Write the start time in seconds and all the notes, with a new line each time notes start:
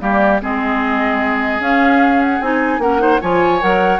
0.00 G3 A#3 G4 D5
0.42 G#3 C4 G#4 D#5
1.60 C#4 F5
2.21 F#5
2.41 C4 D#4 G#5
2.79 A#3 C#4 A#4 F#5
2.99 D#4 C5
3.21 F3 F4 C#5 G#5
3.61 F#3 A#4 F#5